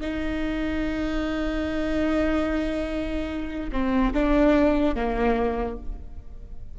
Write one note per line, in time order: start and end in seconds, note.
0.00 3.70 D#4
3.71 4.12 C4
4.13 4.95 D4
4.95 5.77 A#3